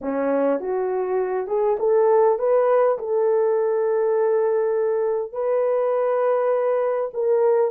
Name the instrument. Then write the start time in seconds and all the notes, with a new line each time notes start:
horn
0.01 C#4
0.60 F#4
1.47 G#4
1.79 A4
2.38 B4
2.98 A4
5.32 B4
7.13 A#4